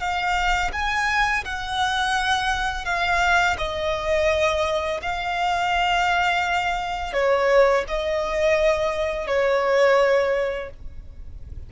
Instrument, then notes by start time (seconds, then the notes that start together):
violin
0.00 F5
0.73 G#5
1.45 F#5
2.85 F5
3.58 D#5
5.02 F5
7.13 C#5
7.88 D#5
9.27 C#5